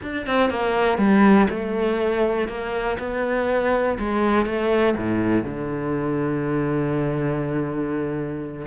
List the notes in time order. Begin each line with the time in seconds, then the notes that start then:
0.02 D4
0.26 C4
0.50 A#3
0.98 G3
1.49 A3
2.47 A#3
2.99 B3
3.98 G#3
4.45 A3
4.96 A2
5.44 D3